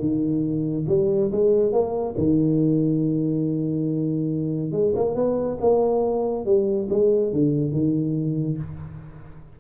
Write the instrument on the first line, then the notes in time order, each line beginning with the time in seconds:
tuba
0.00 D#3
0.89 G3
1.32 G#3
1.73 A#3
2.18 D#3
4.72 G#3
4.96 A#3
5.15 B3
5.61 A#3
6.46 G3
6.90 G#3
7.33 D3
7.73 D#3